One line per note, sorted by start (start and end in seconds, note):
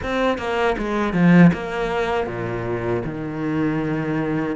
0.02 0.38 C4
0.38 0.76 A#3
0.78 1.13 G#3
1.13 1.51 F3
1.53 2.26 A#3
2.26 3.02 A#2
3.04 4.56 D#3